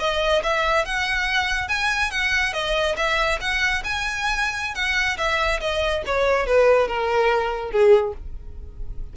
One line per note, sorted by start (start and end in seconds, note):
0.00 0.42 D#5
0.44 0.85 E5
0.85 1.69 F#5
1.69 2.11 G#5
2.11 2.53 F#5
2.54 2.96 D#5
2.97 3.39 E5
3.41 3.83 F#5
3.84 4.75 G#5
4.75 5.17 F#5
5.18 5.60 E5
5.61 6.03 D#5
6.06 6.46 C#5
6.46 6.88 B4
6.88 7.71 A#4
7.71 8.14 G#4